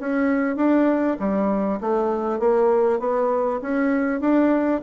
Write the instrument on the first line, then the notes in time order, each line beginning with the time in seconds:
bassoon
0.00 C#4
0.56 D4
1.19 G3
1.81 A3
2.39 A#3
2.99 B3
3.62 C#4
4.21 D4